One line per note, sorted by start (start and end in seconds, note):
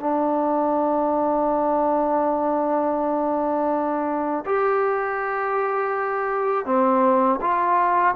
0.00 4.44 D4
4.45 6.65 G4
6.65 7.39 C4
7.41 8.15 F4